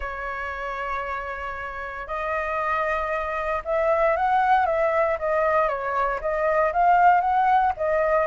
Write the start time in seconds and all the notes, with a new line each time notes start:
0.00 C#5
2.07 D#5
3.64 E5
4.16 F#5
4.66 E5
5.18 D#5
5.68 C#5
6.20 D#5
6.72 F5
7.21 F#5
7.76 D#5